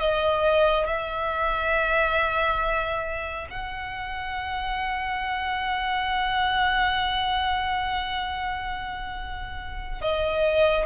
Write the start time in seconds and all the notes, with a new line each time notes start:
0.00 D#5
0.87 E5
3.51 F#5
10.02 D#5